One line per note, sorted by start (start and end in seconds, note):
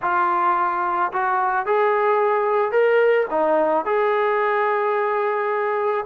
0.02 1.12 F4
1.12 1.65 F#4
1.65 2.71 G#4
2.71 3.26 A#4
3.30 3.85 D#4
3.85 6.05 G#4